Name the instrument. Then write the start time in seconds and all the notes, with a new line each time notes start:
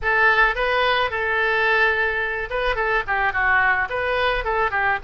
oboe
0.02 A4
0.55 B4
1.10 A4
2.50 B4
2.75 A4
3.07 G4
3.33 F#4
3.89 B4
4.44 A4
4.70 G4